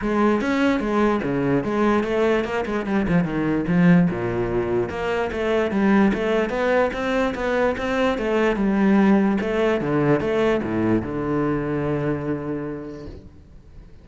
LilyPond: \new Staff \with { instrumentName = "cello" } { \time 4/4 \tempo 4 = 147 gis4 cis'4 gis4 cis4 | gis4 a4 ais8 gis8 g8 f8 | dis4 f4 ais,2 | ais4 a4 g4 a4 |
b4 c'4 b4 c'4 | a4 g2 a4 | d4 a4 a,4 d4~ | d1 | }